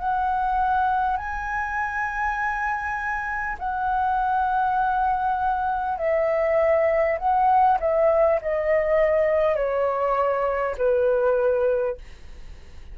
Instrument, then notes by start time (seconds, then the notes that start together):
flute
0.00 F#5
1.17 G#5
3.59 F#5
5.98 E5
7.19 F#5
7.81 E5
8.42 D#5
9.56 C#5
10.78 B4